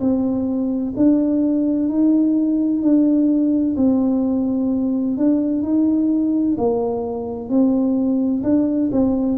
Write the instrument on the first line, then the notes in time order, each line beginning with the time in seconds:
tuba
0.00 C4
0.96 D4
1.89 D#4
2.82 D4
3.77 C4
5.17 D4
5.62 D#4
6.58 A#3
7.49 C4
8.43 D4
8.92 C4